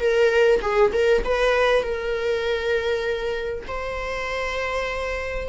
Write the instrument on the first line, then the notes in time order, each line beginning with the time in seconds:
viola
0.00 A#4
0.62 G#4
0.93 A#4
1.25 B4
1.83 A#4
3.68 C5